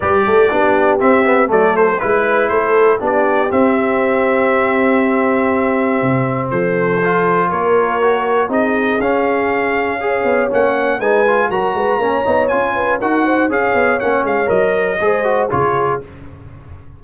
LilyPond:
<<
  \new Staff \with { instrumentName = "trumpet" } { \time 4/4 \tempo 4 = 120 d''2 e''4 d''8 c''8 | b'4 c''4 d''4 e''4~ | e''1~ | e''4 c''2 cis''4~ |
cis''4 dis''4 f''2~ | f''4 fis''4 gis''4 ais''4~ | ais''4 gis''4 fis''4 f''4 | fis''8 f''8 dis''2 cis''4 | }
  \new Staff \with { instrumentName = "horn" } { \time 4/4 b'8 a'8 g'2 a'4 | b'4 a'4 g'2~ | g'1~ | g'4 a'2 ais'4~ |
ais'4 gis'2. | cis''2 b'4 ais'8 b'8 | cis''4. b'8 ais'8 c''8 cis''4~ | cis''2 c''4 gis'4 | }
  \new Staff \with { instrumentName = "trombone" } { \time 4/4 g'4 d'4 c'8 b8 a4 | e'2 d'4 c'4~ | c'1~ | c'2 f'2 |
fis'4 dis'4 cis'2 | gis'4 cis'4 dis'8 f'8 fis'4 | cis'8 dis'8 f'4 fis'4 gis'4 | cis'4 ais'4 gis'8 fis'8 f'4 | }
  \new Staff \with { instrumentName = "tuba" } { \time 4/4 g8 a8 b4 c'4 fis4 | gis4 a4 b4 c'4~ | c'1 | c4 f2 ais4~ |
ais4 c'4 cis'2~ | cis'8 b8 ais4 gis4 fis8 gis8 | ais8 b8 cis'4 dis'4 cis'8 b8 | ais8 gis8 fis4 gis4 cis4 | }
>>